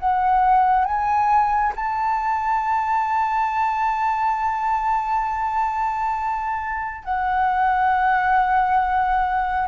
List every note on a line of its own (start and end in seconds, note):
0.00 0.85 F#5
0.85 1.74 G#5
1.76 7.04 A5
7.04 9.68 F#5